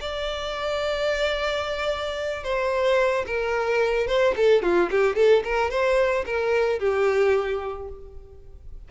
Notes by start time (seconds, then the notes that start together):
0.00 D5
2.43 C5
3.26 A#4
4.07 C5
4.36 A4
4.62 F4
4.90 G4
5.15 A4
5.44 A#4
5.70 C5
6.26 A#4
6.79 G4